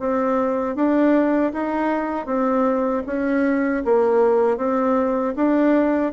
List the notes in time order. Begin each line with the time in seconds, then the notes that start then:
0.00 C4
0.76 D4
1.53 D#4
2.27 C4
3.07 C#4
3.85 A#3
4.58 C4
5.37 D4